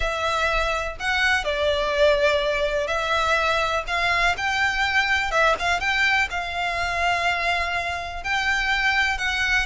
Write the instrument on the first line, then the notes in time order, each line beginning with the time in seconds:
violin
0.00 E5
0.99 F#5
1.44 D5
2.87 E5
3.87 F5
4.37 G5
5.31 E5
5.59 F5
5.80 G5
6.30 F5
8.23 G5
9.18 F#5